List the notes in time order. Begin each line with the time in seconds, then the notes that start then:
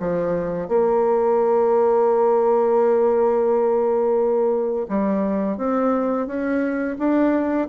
0.00 F3
0.68 A#3
4.89 G3
5.58 C4
6.27 C#4
6.99 D4